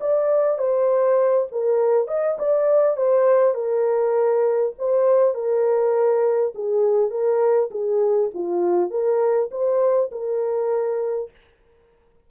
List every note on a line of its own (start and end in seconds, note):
0.00 0.58 D5
0.58 1.47 C5
1.51 2.07 A#4
2.07 2.37 D#5
2.38 2.96 D5
2.96 3.54 C5
3.54 4.73 A#4
4.78 5.34 C5
5.34 6.53 A#4
6.54 7.10 G#4
7.10 7.69 A#4
7.71 8.30 G#4
8.34 8.90 F4
8.90 9.49 A#4
9.51 10.10 C5
10.11 11.30 A#4